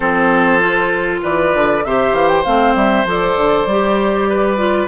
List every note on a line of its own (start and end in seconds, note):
0.00 1.22 F3
0.00 0.60 C4
0.00 1.20 A4
0.00 1.20 C5
0.60 1.82 F4
1.22 1.54 E3
1.22 1.84 B4
1.22 1.84 D5
1.54 1.84 D3
1.84 2.12 C3
1.84 2.45 G4
1.84 4.29 C5
1.84 2.14 E5
2.12 2.43 E3
2.12 2.27 F5
2.27 2.43 G5
2.44 2.74 A3
2.44 3.06 C4
2.44 2.74 F5
2.74 3.04 G3
2.74 3.06 E5
3.04 3.35 F3
3.04 3.68 A4
3.04 4.88 D5
3.36 3.66 D3
3.66 4.88 G3
3.66 4.57 G4
4.29 4.88 B4
4.57 4.87 F4